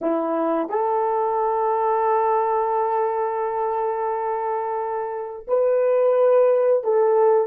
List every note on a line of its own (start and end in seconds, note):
0.01 0.69 E4
0.69 5.46 A4
5.47 6.83 B4
6.83 7.47 A4